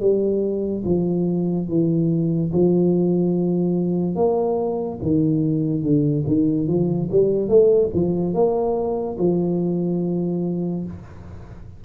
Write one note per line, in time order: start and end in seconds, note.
0.00 0.83 G3
0.85 1.68 F3
1.68 2.52 E3
2.53 4.16 F3
4.16 4.99 A#3
5.02 5.83 D#3
5.83 6.24 D3
6.27 6.67 D#3
6.67 7.09 F3
7.11 7.48 G3
7.48 7.90 A3
7.94 8.34 F3
8.34 9.17 A#3
9.18 10.85 F3